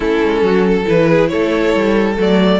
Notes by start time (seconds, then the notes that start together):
0.00 A3 C#4 E4 A4
0.23 G#3
0.42 F#3 F#4
0.67 A4
0.85 E3 E4 B4
1.09 G#4
1.28 A3 A4 C#5
1.74 G3
2.17 F#3 A3 D5